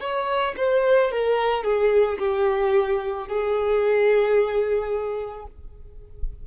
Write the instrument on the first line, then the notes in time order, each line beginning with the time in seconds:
violin
0.00 C#5
0.57 C5
1.11 A#4
1.64 G#4
2.18 G4
3.28 G#4